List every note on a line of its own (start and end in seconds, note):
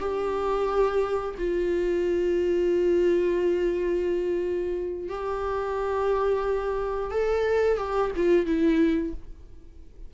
0.00 1.35 G4
1.38 5.08 F4
5.09 7.11 G4
7.11 7.77 A4
7.77 8.11 G4
8.16 8.45 F4
8.45 9.13 E4